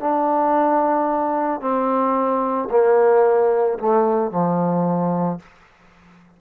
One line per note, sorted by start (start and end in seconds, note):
0.00 1.61 D4
1.61 2.69 C4
2.71 3.79 A#3
3.79 4.31 A3
4.31 5.39 F3